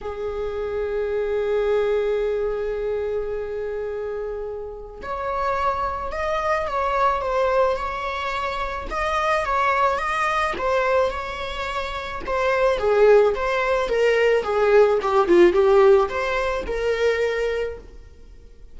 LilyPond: \new Staff \with { instrumentName = "viola" } { \time 4/4 \tempo 4 = 108 gis'1~ | gis'1~ | gis'4 cis''2 dis''4 | cis''4 c''4 cis''2 |
dis''4 cis''4 dis''4 c''4 | cis''2 c''4 gis'4 | c''4 ais'4 gis'4 g'8 f'8 | g'4 c''4 ais'2 | }